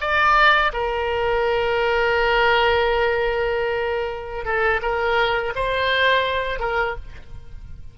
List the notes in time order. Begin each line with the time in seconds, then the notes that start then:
0.00 D5
0.73 A#4
4.44 A4
4.82 A#4
5.55 C5
6.59 A#4